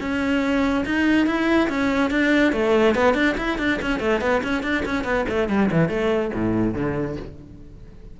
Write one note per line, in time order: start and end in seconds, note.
0.00 0.85 C#4
0.85 1.26 D#4
1.26 1.68 E4
1.69 2.10 C#4
2.10 2.53 D4
2.53 2.95 A3
2.95 3.14 B3
3.14 3.35 D4
3.37 3.58 E4
3.58 3.79 D4
3.81 4.00 C#4
4.00 4.21 A3
4.21 4.42 B3
4.43 4.63 C#4
4.63 4.84 D4
4.85 5.04 C#4
5.04 5.25 B3
5.29 5.48 A3
5.48 5.69 G3
5.71 5.89 E3
5.89 6.31 A3
6.34 6.74 A2
6.74 7.16 D3